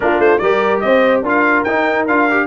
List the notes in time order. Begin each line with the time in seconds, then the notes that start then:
0.00 A#3 D4 F4 A#4
0.18 A3 C5
0.38 G3 G4 A#4 D5
0.80 C4 C5 D#5
1.22 D4 F4 A#4 F5
1.63 D#4 G5
2.07 D4 F4 F5
2.30 G4